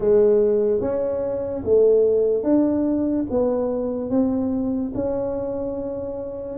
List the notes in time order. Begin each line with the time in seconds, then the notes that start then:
0.00 G#3
0.80 C#4
1.64 A3
2.43 D4
3.30 B3
4.09 C4
4.94 C#4